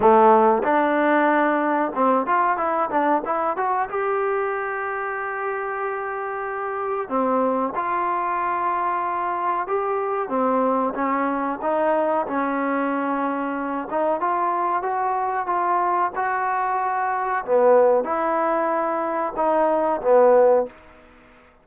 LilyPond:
\new Staff \with { instrumentName = "trombone" } { \time 4/4 \tempo 4 = 93 a4 d'2 c'8 f'8 | e'8 d'8 e'8 fis'8 g'2~ | g'2. c'4 | f'2. g'4 |
c'4 cis'4 dis'4 cis'4~ | cis'4. dis'8 f'4 fis'4 | f'4 fis'2 b4 | e'2 dis'4 b4 | }